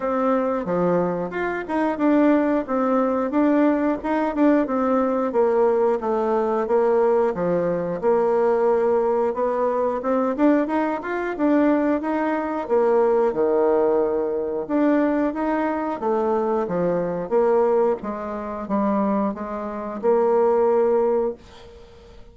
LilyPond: \new Staff \with { instrumentName = "bassoon" } { \time 4/4 \tempo 4 = 90 c'4 f4 f'8 dis'8 d'4 | c'4 d'4 dis'8 d'8 c'4 | ais4 a4 ais4 f4 | ais2 b4 c'8 d'8 |
dis'8 f'8 d'4 dis'4 ais4 | dis2 d'4 dis'4 | a4 f4 ais4 gis4 | g4 gis4 ais2 | }